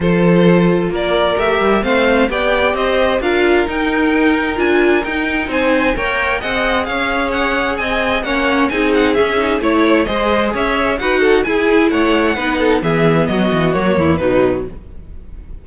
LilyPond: <<
  \new Staff \with { instrumentName = "violin" } { \time 4/4 \tempo 4 = 131 c''2 d''4 e''4 | f''4 g''4 dis''4 f''4 | g''2 gis''4 g''4 | gis''4 g''4 fis''4 f''4 |
fis''4 gis''4 fis''4 gis''8 fis''8 | e''4 cis''4 dis''4 e''4 | fis''4 gis''4 fis''2 | e''4 dis''4 cis''4 b'4 | }
  \new Staff \with { instrumentName = "violin" } { \time 4/4 a'2 ais'2 | c''4 d''4 c''4 ais'4~ | ais'1 | c''4 cis''4 dis''4 cis''4~ |
cis''4 dis''4 cis''4 gis'4~ | gis'4 cis''4 c''4 cis''4 | b'8 a'8 gis'4 cis''4 b'8 a'8 | gis'4 fis'4. e'8 dis'4 | }
  \new Staff \with { instrumentName = "viola" } { \time 4/4 f'2. g'4 | c'4 g'2 f'4 | dis'2 f'4 dis'4~ | dis'4 ais'4 gis'2~ |
gis'2 cis'4 dis'4 | cis'8 dis'8 e'4 gis'2 | fis'4 e'2 dis'4 | b2 ais4 fis4 | }
  \new Staff \with { instrumentName = "cello" } { \time 4/4 f2 ais4 a8 g8 | a4 b4 c'4 d'4 | dis'2 d'4 dis'4 | c'4 ais4 c'4 cis'4~ |
cis'4 c'4 ais4 c'4 | cis'4 a4 gis4 cis'4 | dis'4 e'4 a4 b4 | e4 fis8 e8 fis8 e,8 b,4 | }
>>